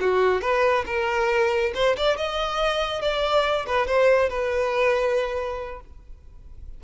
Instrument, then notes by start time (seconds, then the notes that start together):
violin
0.00 F#4
0.41 B4
0.86 A#4
1.74 C5
1.97 D5
2.17 D#5
3.01 D5
3.66 B4
3.87 C5
4.29 B4